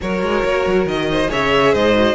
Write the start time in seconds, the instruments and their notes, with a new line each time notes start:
0.01 cello F#3, viola F#4, violin A#4 C#5
0.22 cello G#3
0.44 cello A#3
0.66 cello F#3
0.85 cello D#3, violin D#5
1.10 violin C5
1.28 cello C#3, viola G#4, violin C#5 E5
1.72 cello G#2, violin C5 D#5
1.94 viola F#4